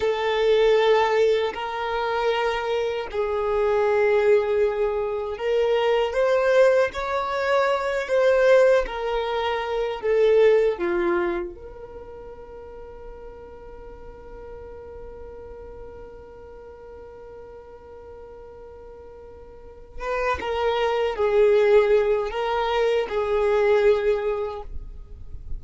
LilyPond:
\new Staff \with { instrumentName = "violin" } { \time 4/4 \tempo 4 = 78 a'2 ais'2 | gis'2. ais'4 | c''4 cis''4. c''4 ais'8~ | ais'4 a'4 f'4 ais'4~ |
ais'1~ | ais'1~ | ais'2 b'8 ais'4 gis'8~ | gis'4 ais'4 gis'2 | }